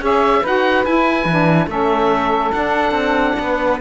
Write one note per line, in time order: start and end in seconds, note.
0.00 0.42 C#4
0.00 0.44 G#4
0.00 0.42 C#5
0.00 0.47 E5
0.42 0.86 D#4
0.42 0.86 F#4
0.42 1.67 B4
0.42 0.85 F#5
0.85 1.28 E4
0.85 1.26 E4
0.85 1.69 G#5
1.26 1.67 E3
1.26 1.69 D4
1.67 2.51 A3
1.67 2.53 C#4
1.67 3.36 A4
1.67 2.53 E5
2.53 3.81 D4
2.53 2.92 D4
2.53 3.79 F#5
2.92 3.34 C4
3.40 3.81 B3
3.40 3.81 B4